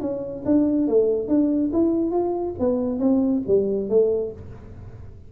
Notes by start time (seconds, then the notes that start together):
0.00 C#4
0.45 D4
0.87 A3
1.28 D4
1.73 E4
2.11 F4
2.59 B3
2.99 C4
3.47 G3
3.89 A3